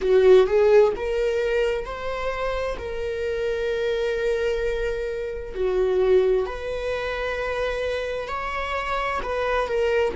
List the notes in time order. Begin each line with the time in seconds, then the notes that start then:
0.01 F#4
0.47 G#4
0.96 A#4
1.85 C5
2.78 A#4
5.54 F#4
6.46 B4
8.27 C#5
9.23 B4
9.67 A#4